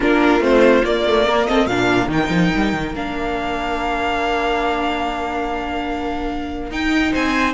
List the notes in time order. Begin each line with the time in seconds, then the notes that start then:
0.00 A#3 D4 F4 A#4
0.40 A3 C4 C5
0.83 A#3 D5
1.06 A3
1.26 A#3 A#4
1.46 C4 A4 D#5
1.66 A#2 D4 A#4 F5
2.07 D#3 D#4 G5
2.29 F3
2.54 G3
2.73 D#3
2.93 A#3 D4 F5
6.70 D#4 G5
7.11 C4 C5 G#5